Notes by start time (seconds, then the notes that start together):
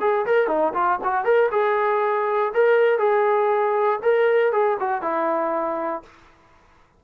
0.00 G#4
0.26 A#4
0.48 D#4
0.74 F4
1.04 F#4
1.24 A#4
1.51 G#4
2.54 A#4
2.99 G#4
4.03 A#4
4.52 G#4
4.80 F#4
5.02 E4